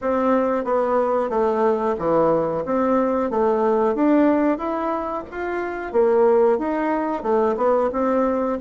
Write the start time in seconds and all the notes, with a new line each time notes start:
0.01 C4
0.64 B3
1.29 A3
1.98 E3
2.65 C4
3.30 A3
3.94 D4
4.57 E4
5.31 F4
5.92 A#3
6.58 D#4
7.22 A3
7.56 B3
7.92 C4